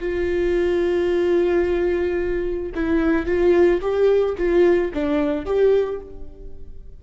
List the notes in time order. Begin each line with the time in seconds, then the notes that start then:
0.00 F4
2.75 E4
3.27 F4
3.82 G4
4.38 F4
4.94 D4
5.46 G4